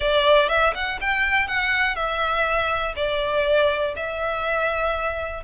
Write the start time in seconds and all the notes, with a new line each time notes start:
0.00 D5
0.49 E5
0.74 F#5
1.00 G5
1.47 F#5
1.95 E5
2.96 D5
3.96 E5